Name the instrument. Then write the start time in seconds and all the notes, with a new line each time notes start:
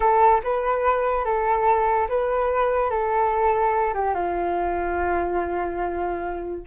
flute
0.00 A4
0.43 B4
1.24 A4
2.09 B4
2.90 A4
3.93 G4
4.14 F4